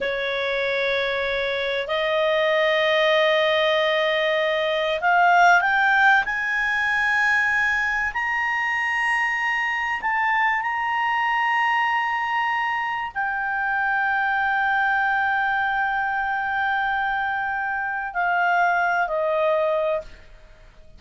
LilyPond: \new Staff \with { instrumentName = "clarinet" } { \time 4/4 \tempo 4 = 96 cis''2. dis''4~ | dis''1 | f''4 g''4 gis''2~ | gis''4 ais''2. |
a''4 ais''2.~ | ais''4 g''2.~ | g''1~ | g''4 f''4. dis''4. | }